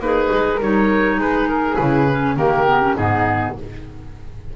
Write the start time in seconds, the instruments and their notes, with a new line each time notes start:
0.00 double bass A#3, flute D#4, clarinet G#4, oboe B4
0.32 double bass G#3
0.56 double bass G3, clarinet D#4, flute A#4
0.62 oboe C#5
1.18 double bass G#3, flute G#4, oboe B4
1.48 oboe A#4
1.76 double bass C#3, clarinet E4, oboe B4
2.10 clarinet C#4
2.36 double bass D#3, clarinet A#3, flute G4, oboe A#4
2.67 clarinet B3
2.81 clarinet C#4
2.96 double bass G#2, clarinet B3, flute D#4, oboe G#4